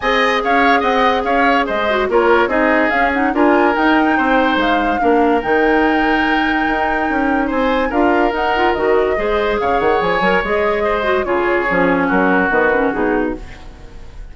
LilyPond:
<<
  \new Staff \with { instrumentName = "flute" } { \time 4/4 \tempo 4 = 144 gis''4 f''4 fis''4 f''4 | dis''4 cis''4 dis''4 f''8 fis''8 | gis''4 g''2 f''4~ | f''4 g''2.~ |
g''2 gis''4 f''4 | fis''4 dis''2 f''8 fis''8 | gis''4 dis''2 cis''4~ | cis''4 ais'4 b'4 gis'4 | }
  \new Staff \with { instrumentName = "oboe" } { \time 4/4 dis''4 cis''4 dis''4 cis''4 | c''4 ais'4 gis'2 | ais'2 c''2 | ais'1~ |
ais'2 c''4 ais'4~ | ais'2 c''4 cis''4~ | cis''2 c''4 gis'4~ | gis'4 fis'2. | }
  \new Staff \with { instrumentName = "clarinet" } { \time 4/4 gis'1~ | gis'8 fis'8 f'4 dis'4 cis'8 dis'8 | f'4 dis'2. | d'4 dis'2.~ |
dis'2. f'4 | dis'8 f'8 fis'4 gis'2~ | gis'8 ais'8 gis'4. fis'8 f'4 | cis'2 b8 cis'8 dis'4 | }
  \new Staff \with { instrumentName = "bassoon" } { \time 4/4 c'4 cis'4 c'4 cis'4 | gis4 ais4 c'4 cis'4 | d'4 dis'4 c'4 gis4 | ais4 dis2. |
dis'4 cis'4 c'4 d'4 | dis'4 dis4 gis4 cis8 dis8 | f8 fis8 gis2 cis4 | f4 fis4 dis4 b,4 | }
>>